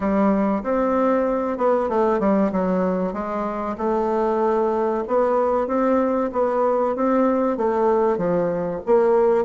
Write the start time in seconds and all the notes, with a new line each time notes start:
0.00 G3
0.63 C4
1.57 B3
1.89 A3
2.19 G3
2.51 F#3
3.13 G#3
3.77 A3
5.07 B3
5.67 C4
6.32 B3
6.95 C4
7.57 A3
8.17 F3
8.86 A#3